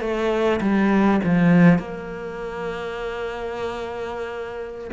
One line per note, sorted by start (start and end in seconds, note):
0.00 0.59 A3
0.60 1.20 G3
1.24 1.78 F3
1.78 4.90 A#3